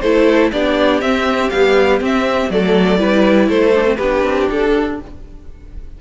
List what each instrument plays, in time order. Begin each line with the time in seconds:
0.00 cello A3, viola E4, violin A4 C5
0.52 cello B3, viola D4, violin G4 D5
1.00 cello C4, viola C4, violin E5
1.50 viola G3, cello B3, violin F5
2.00 cello C4, viola C4, violin E5
2.49 cello F#3, viola A3, violin A4 D5
2.98 cello G3, viola E4, violin B4
3.48 cello A3, violin A4 C5
3.74 viola D4
3.85 viola C4
3.96 cello B3, viola D4, violin G4 B4
4.23 cello C4
4.50 cello D4, violin A4